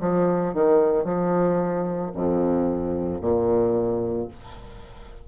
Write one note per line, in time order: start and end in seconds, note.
0.00 0.54 F3
0.54 1.04 D#3
1.04 2.11 F3
2.14 3.21 F2
3.21 4.28 A#2